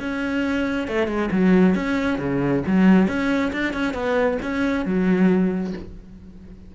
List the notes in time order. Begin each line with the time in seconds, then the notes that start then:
0.00 C#4
0.88 A3
1.08 G#3
1.32 F#3
1.75 C#4
2.19 C#3
2.67 F#3
3.08 C#4
3.53 D4
3.74 C#4
3.94 B3
4.43 C#4
4.86 F#3